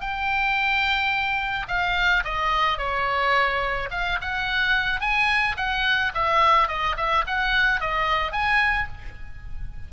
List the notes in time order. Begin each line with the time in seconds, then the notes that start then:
0.00 G5
1.68 F5
2.24 D#5
2.78 C#5
3.91 F5
4.21 F#5
5.00 G#5
5.57 F#5
6.14 E5
6.68 D#5
6.96 E5
7.27 F#5
7.80 D#5
8.32 G#5